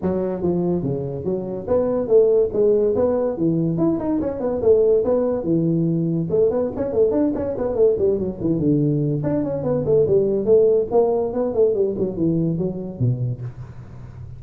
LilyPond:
\new Staff \with { instrumentName = "tuba" } { \time 4/4 \tempo 4 = 143 fis4 f4 cis4 fis4 | b4 a4 gis4 b4 | e4 e'8 dis'8 cis'8 b8 a4 | b4 e2 a8 b8 |
cis'8 a8 d'8 cis'8 b8 a8 g8 fis8 | e8 d4. d'8 cis'8 b8 a8 | g4 a4 ais4 b8 a8 | g8 fis8 e4 fis4 b,4 | }